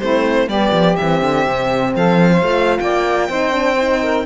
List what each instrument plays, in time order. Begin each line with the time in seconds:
0.00 cello A3, horn C4, saxophone E4, violin C5
0.48 cello G3, horn B3, saxophone G4, violin D5
0.73 cello F3
0.96 cello E3, horn C4, violin E5
1.22 cello D3
1.46 cello C3
1.96 cello F3, saxophone A4, violin F5
2.31 saxophone C5
2.43 cello A3, horn F4
2.80 cello A#3, saxophone D5, violin G5
3.29 cello C4, horn D#4, saxophone C5
3.52 horn D4
3.78 horn D#4
4.03 saxophone A#4